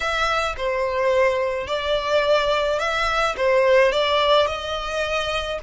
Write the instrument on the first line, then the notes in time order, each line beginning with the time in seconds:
violin
0.00 E5
0.57 C5
1.67 D5
2.79 E5
3.36 C5
3.92 D5
4.46 D#5